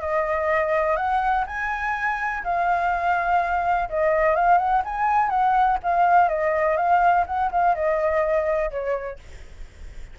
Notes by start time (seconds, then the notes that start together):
0.00 D#5
0.96 F#5
1.46 G#5
2.43 F5
3.89 D#5
4.35 F5
4.57 F#5
4.84 G#5
5.29 F#5
5.83 F5
6.28 D#5
6.76 F5
7.26 F#5
7.51 F5
7.75 D#5
8.70 C#5